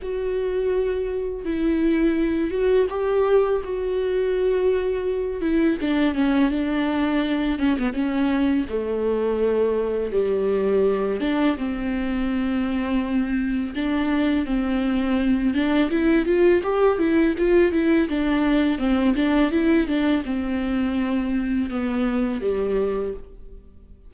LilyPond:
\new Staff \with { instrumentName = "viola" } { \time 4/4 \tempo 4 = 83 fis'2 e'4. fis'8 | g'4 fis'2~ fis'8 e'8 | d'8 cis'8 d'4. cis'16 b16 cis'4 | a2 g4. d'8 |
c'2. d'4 | c'4. d'8 e'8 f'8 g'8 e'8 | f'8 e'8 d'4 c'8 d'8 e'8 d'8 | c'2 b4 g4 | }